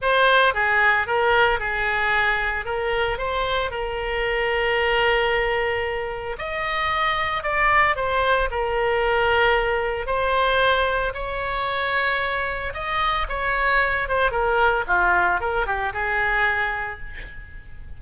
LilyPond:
\new Staff \with { instrumentName = "oboe" } { \time 4/4 \tempo 4 = 113 c''4 gis'4 ais'4 gis'4~ | gis'4 ais'4 c''4 ais'4~ | ais'1 | dis''2 d''4 c''4 |
ais'2. c''4~ | c''4 cis''2. | dis''4 cis''4. c''8 ais'4 | f'4 ais'8 g'8 gis'2 | }